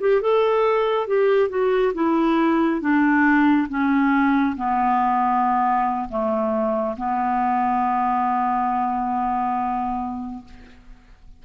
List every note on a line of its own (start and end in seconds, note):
0.00 0.21 G4
0.21 1.08 A4
1.08 1.49 G4
1.49 1.93 F#4
1.94 2.81 E4
2.81 3.68 D4
3.69 4.56 C#4
4.57 6.09 B3
6.09 6.96 A3
6.97 10.45 B3